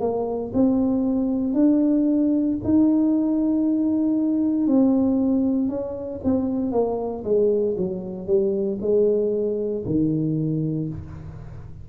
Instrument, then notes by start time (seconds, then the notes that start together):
tuba
0.00 A#3
0.54 C4
1.53 D4
2.64 D#4
4.67 C4
5.69 C#4
6.24 C4
6.71 A#3
7.24 G#3
7.77 F#3
8.27 G3
8.81 G#3
9.86 D#3